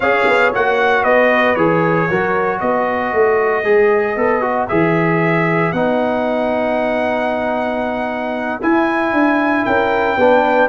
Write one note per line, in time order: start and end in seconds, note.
0.00 0.25 C#4
0.00 0.54 G#4
0.00 1.03 C#5
0.00 0.52 F5
0.26 0.52 B3
0.54 1.04 A#3
0.54 1.57 F#4
0.54 1.03 F#5
1.03 1.56 B3
1.03 2.07 B4
1.03 1.55 D#5
1.55 2.08 E3
1.55 2.09 G#4
1.55 2.59 C#5
2.09 2.61 F#3
2.09 3.64 F#4
2.09 2.61 A#4
2.60 3.13 B3
2.60 9.65 B4
2.60 4.67 D#5
3.13 3.64 A3
3.64 4.16 G#3
3.64 4.16 G#4
4.16 4.68 B3
4.16 4.41 A4
4.41 4.67 F#4
4.67 5.72 E3
4.67 5.73 G#4
4.67 5.72 E5
5.72 8.59 B3
5.72 8.61 D#4
5.72 8.59 F#5
8.61 10.17 E4
8.61 9.12 E4
8.61 9.65 G#5
9.12 9.65 D4
9.65 10.16 C#4
9.65 10.17 A#4
9.65 10.69 G5
10.16 10.69 B3
10.16 10.69 D4
10.16 10.69 B4